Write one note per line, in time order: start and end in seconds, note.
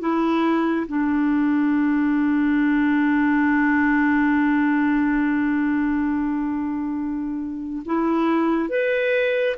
0.00 0.87 E4
0.87 7.83 D4
7.86 8.70 E4
8.70 9.57 B4